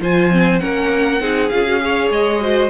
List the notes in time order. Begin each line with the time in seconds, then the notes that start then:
0.00 F3 F4 C5 G#5
0.31 C4
0.59 A#3 C#4 A#4 F#5
1.20 C4 D#4 G#4
1.49 C#4 F4 F5
1.65 F#4
1.80 G#4 C#5
2.10 G#3 D#5
2.40 F#4 C5